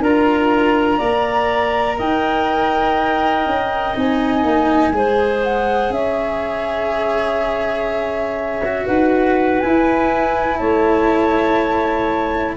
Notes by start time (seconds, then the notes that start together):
0.00 D4 F4 A#4 A#5
0.97 A#3 A#4 D5
1.97 D#4 D#5 G5
3.45 C#4
3.95 C4 D#4 G#5
4.43 A#3
4.92 G#3 G#4 C5
5.43 F#5
5.90 C#4 C#5 E5
8.64 F#4
8.85 D#4 B4 F#5
9.60 E4 G#5
10.57 A3 C#5 A5